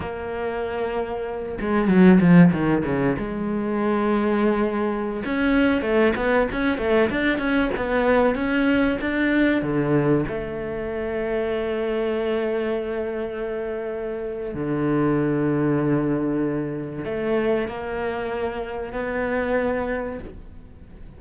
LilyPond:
\new Staff \with { instrumentName = "cello" } { \time 4/4 \tempo 4 = 95 ais2~ ais8 gis8 fis8 f8 | dis8 cis8 gis2.~ | gis16 cis'4 a8 b8 cis'8 a8 d'8 cis'16~ | cis'16 b4 cis'4 d'4 d8.~ |
d16 a2.~ a8.~ | a2. d4~ | d2. a4 | ais2 b2 | }